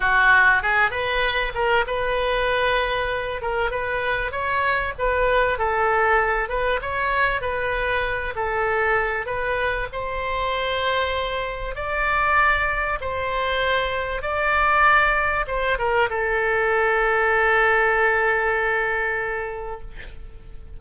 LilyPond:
\new Staff \with { instrumentName = "oboe" } { \time 4/4 \tempo 4 = 97 fis'4 gis'8 b'4 ais'8 b'4~ | b'4. ais'8 b'4 cis''4 | b'4 a'4. b'8 cis''4 | b'4. a'4. b'4 |
c''2. d''4~ | d''4 c''2 d''4~ | d''4 c''8 ais'8 a'2~ | a'1 | }